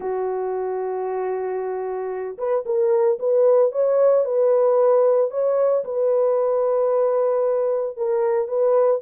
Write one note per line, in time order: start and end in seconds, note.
0.00 2.37 F#4
2.38 2.64 B4
2.65 3.18 A#4
3.19 3.71 B4
3.71 4.25 C#5
4.25 5.30 B4
5.30 5.84 C#5
5.84 7.96 B4
7.96 8.47 A#4
8.47 9.00 B4